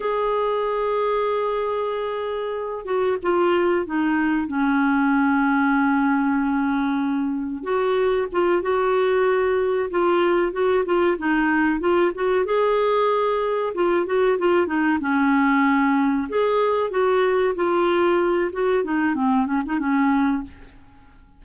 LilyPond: \new Staff \with { instrumentName = "clarinet" } { \time 4/4 \tempo 4 = 94 gis'1~ | gis'8 fis'8 f'4 dis'4 cis'4~ | cis'1 | fis'4 f'8 fis'2 f'8~ |
f'8 fis'8 f'8 dis'4 f'8 fis'8 gis'8~ | gis'4. f'8 fis'8 f'8 dis'8 cis'8~ | cis'4. gis'4 fis'4 f'8~ | f'4 fis'8 dis'8 c'8 cis'16 dis'16 cis'4 | }